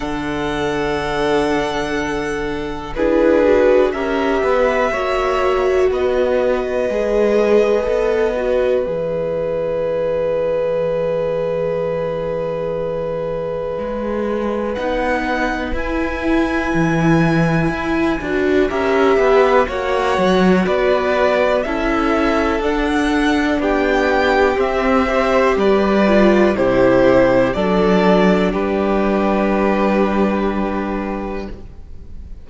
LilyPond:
<<
  \new Staff \with { instrumentName = "violin" } { \time 4/4 \tempo 4 = 61 fis''2. b'4 | e''2 dis''2~ | dis''4 e''2.~ | e''2. fis''4 |
gis''2. e''4 | fis''4 d''4 e''4 fis''4 | g''4 e''4 d''4 c''4 | d''4 b'2. | }
  \new Staff \with { instrumentName = "violin" } { \time 4/4 a'2. gis'4 | ais'8 b'8 cis''4 b'2~ | b'1~ | b'1~ |
b'2. ais'8 b'8 | cis''4 b'4 a'2 | g'4. c''8 b'4 g'4 | a'4 g'2. | }
  \new Staff \with { instrumentName = "viola" } { \time 4/4 d'2. e'8 fis'8 | g'4 fis'2 gis'4 | a'8 fis'8 gis'2.~ | gis'2. dis'4 |
e'2~ e'8 fis'8 g'4 | fis'2 e'4 d'4~ | d'4 c'8 g'4 f'8 e'4 | d'1 | }
  \new Staff \with { instrumentName = "cello" } { \time 4/4 d2. d'4 | cis'8 b8 ais4 b4 gis4 | b4 e2.~ | e2 gis4 b4 |
e'4 e4 e'8 d'8 cis'8 b8 | ais8 fis8 b4 cis'4 d'4 | b4 c'4 g4 c4 | fis4 g2. | }
>>